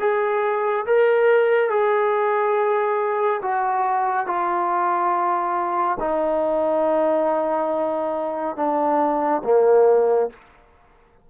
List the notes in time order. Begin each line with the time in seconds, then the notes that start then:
0.00 G#4
0.86 A#4
1.70 G#4
3.42 F#4
4.27 F4
6.00 D#4
8.56 D4
9.44 A#3